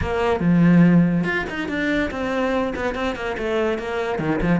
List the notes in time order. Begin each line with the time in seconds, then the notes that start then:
0.01 A#3
0.39 F3
1.23 F4
1.49 D#4
1.68 D4
2.10 C4
2.75 B3
2.94 C4
3.15 A#3
3.37 A3
3.78 A#3
4.18 D#3
4.41 F3